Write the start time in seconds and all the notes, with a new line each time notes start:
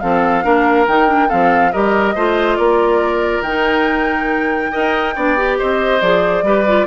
0.00 F3 C4 A4 F5
0.43 A#3 D4 A#4
0.87 D#3 D#4 G5
1.07 D4
1.28 F3 C4 A4 F5
1.72 G3 G4 A#4 D#5
2.15 A3 F4 C5
2.56 A#3 A#4 D5
3.41 D#3 D#4 G5
4.72 D#4 A#4 D#5
5.15 B3 D4 D5
5.37 G4
5.58 C4 C5 D#5
6.01 F3 G#4 D5
6.42 G3 G4 B4
6.67 F4